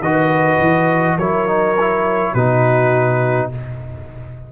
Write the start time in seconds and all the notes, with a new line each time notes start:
0.00 D#3 F#4 B4 D#5
0.61 E3
1.18 F#3 E4 A#4 C#5
1.48 D#4
1.81 E4
2.33 B2 D#4 F#4 B4